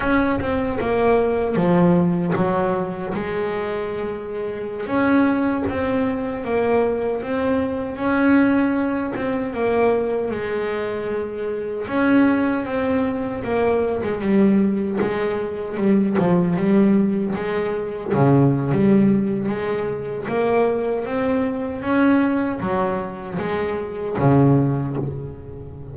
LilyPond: \new Staff \with { instrumentName = "double bass" } { \time 4/4 \tempo 4 = 77 cis'8 c'8 ais4 f4 fis4 | gis2~ gis16 cis'4 c'8.~ | c'16 ais4 c'4 cis'4. c'16~ | c'16 ais4 gis2 cis'8.~ |
cis'16 c'4 ais8. gis16 g4 gis8.~ | gis16 g8 f8 g4 gis4 cis8. | g4 gis4 ais4 c'4 | cis'4 fis4 gis4 cis4 | }